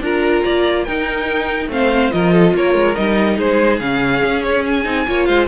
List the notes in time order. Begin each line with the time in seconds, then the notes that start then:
0.00 D4 F4 A#4 A#5
0.44 A#3 D5
0.84 D#4 A#4 G5
1.68 A3 C4 C5 F5
2.11 F3 F4 A#4 D#5
2.33 A4
2.54 A#3 A#4 C#5
2.74 G#3
2.95 G3 D#4 D#5
3.37 G#3 G#4 C5
3.79 C#3 C#4 F5
4.24 C#4
4.43 C#5
4.65 G#5
4.84 C4 D#4
5.07 A#3 F4 C#5
5.25 G#3 C5 F5